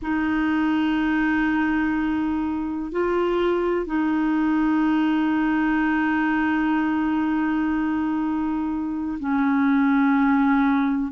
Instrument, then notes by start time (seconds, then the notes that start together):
clarinet
0.02 D#4
2.91 F4
3.86 D#4
9.19 C#4